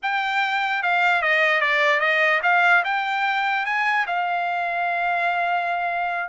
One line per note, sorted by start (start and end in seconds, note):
0.02 0.82 G5
0.82 1.22 F5
1.22 1.60 D#5
1.60 2.00 D5
2.00 2.40 D#5
2.43 2.83 F5
2.84 3.65 G5
3.65 4.06 G#5
4.06 6.29 F5